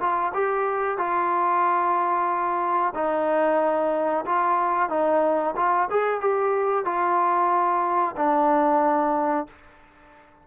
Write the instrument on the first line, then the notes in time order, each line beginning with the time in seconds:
trombone
0.00 F4
0.34 G4
0.98 F4
2.95 D#4
4.26 F4
4.89 D#4
5.56 F4
5.90 G#4
6.21 G4
6.85 F4
8.17 D4